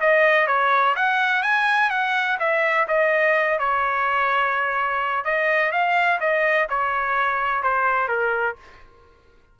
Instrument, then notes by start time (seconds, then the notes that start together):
trumpet
0.00 D#5
0.47 C#5
0.96 F#5
1.42 G#5
1.90 F#5
2.39 E5
2.87 D#5
3.59 C#5
5.24 D#5
5.71 F5
6.20 D#5
6.69 C#5
7.63 C5
8.08 A#4